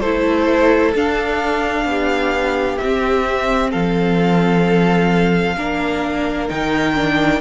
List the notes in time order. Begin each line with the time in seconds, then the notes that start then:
0.00 A3 E4 A4 C5
0.95 D4 F5
1.85 B3 G4
2.78 C4 E5
3.70 F3 A4 F5
5.57 A#3 D4 A#4
6.49 D#3 D#4 G5
6.95 D4